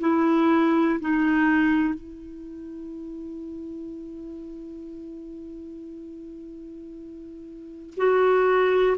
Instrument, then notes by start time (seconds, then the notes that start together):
clarinet
0.00 E4
1.00 D#4
1.95 E4
7.98 F#4